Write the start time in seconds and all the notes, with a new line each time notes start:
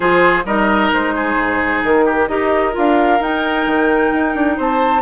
0.00 F3 F4 G#4 C5
0.44 G3 D#4 A#4 D#5
0.92 G#3 C5
1.15 G#4
1.35 G#2
1.83 D#3 A#4
2.05 G4
2.28 D#4 G4 A#4 D#5
2.72 D4 F4 F5
3.20 D#4 G5
3.66 D#3
4.12 D#4
4.34 D4
4.56 C4 C5 A5